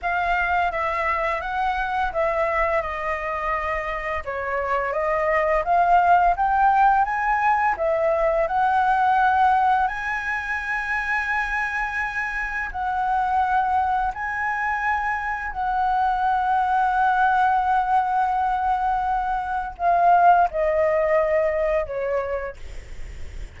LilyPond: \new Staff \with { instrumentName = "flute" } { \time 4/4 \tempo 4 = 85 f''4 e''4 fis''4 e''4 | dis''2 cis''4 dis''4 | f''4 g''4 gis''4 e''4 | fis''2 gis''2~ |
gis''2 fis''2 | gis''2 fis''2~ | fis''1 | f''4 dis''2 cis''4 | }